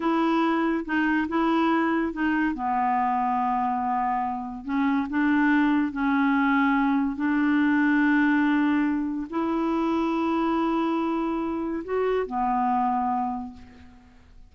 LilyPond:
\new Staff \with { instrumentName = "clarinet" } { \time 4/4 \tempo 4 = 142 e'2 dis'4 e'4~ | e'4 dis'4 b2~ | b2. cis'4 | d'2 cis'2~ |
cis'4 d'2.~ | d'2 e'2~ | e'1 | fis'4 b2. | }